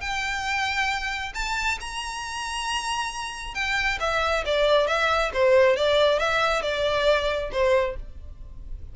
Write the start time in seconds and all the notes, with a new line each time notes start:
0.00 G5
1.34 A5
1.80 A#5
3.54 G5
4.00 E5
4.45 D5
4.87 E5
5.33 C5
5.76 D5
6.19 E5
6.62 D5
7.52 C5